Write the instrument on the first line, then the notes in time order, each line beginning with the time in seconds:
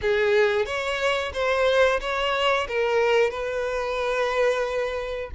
violin
0.01 G#4
0.65 C#5
1.33 C5
2.00 C#5
2.68 A#4
3.30 B4